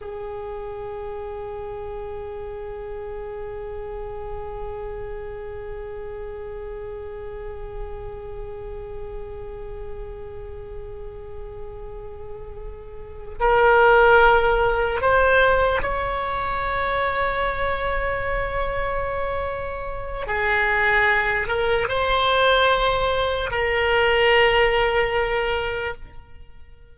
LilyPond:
\new Staff \with { instrumentName = "oboe" } { \time 4/4 \tempo 4 = 74 gis'1~ | gis'1~ | gis'1~ | gis'1~ |
gis'8 ais'2 c''4 cis''8~ | cis''1~ | cis''4 gis'4. ais'8 c''4~ | c''4 ais'2. | }